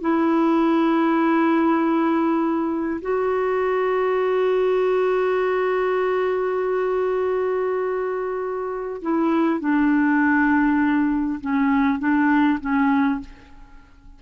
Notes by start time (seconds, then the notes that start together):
0.00 E4
3.01 F#4
9.01 E4
9.59 D4
11.41 C#4
11.99 D4
12.60 C#4